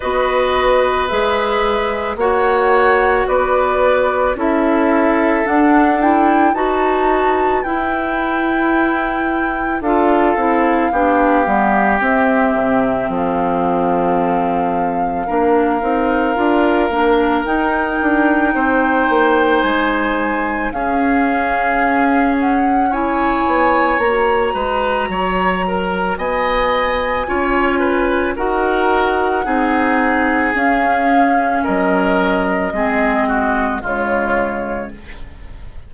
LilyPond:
<<
  \new Staff \with { instrumentName = "flute" } { \time 4/4 \tempo 4 = 55 dis''4 e''4 fis''4 d''4 | e''4 fis''8 g''8 a''4 g''4~ | g''4 f''2 e''4 | f''1 |
g''2 gis''4 f''4~ | f''8 fis''8 gis''4 ais''2 | gis''2 fis''2 | f''4 dis''2 cis''4 | }
  \new Staff \with { instrumentName = "oboe" } { \time 4/4 b'2 cis''4 b'4 | a'2 b'2~ | b'4 a'4 g'2 | a'2 ais'2~ |
ais'4 c''2 gis'4~ | gis'4 cis''4. b'8 cis''8 ais'8 | dis''4 cis''8 b'8 ais'4 gis'4~ | gis'4 ais'4 gis'8 fis'8 f'4 | }
  \new Staff \with { instrumentName = "clarinet" } { \time 4/4 fis'4 gis'4 fis'2 | e'4 d'8 e'8 fis'4 e'4~ | e'4 f'8 e'8 d'8 b8 c'4~ | c'2 d'8 dis'8 f'8 d'8 |
dis'2. cis'4~ | cis'4 e'4 fis'2~ | fis'4 f'4 fis'4 dis'4 | cis'2 c'4 gis4 | }
  \new Staff \with { instrumentName = "bassoon" } { \time 4/4 b4 gis4 ais4 b4 | cis'4 d'4 dis'4 e'4~ | e'4 d'8 c'8 b8 g8 c'8 c8 | f2 ais8 c'8 d'8 ais8 |
dis'8 d'8 c'8 ais8 gis4 cis'4~ | cis'4. b8 ais8 gis8 fis4 | b4 cis'4 dis'4 c'4 | cis'4 fis4 gis4 cis4 | }
>>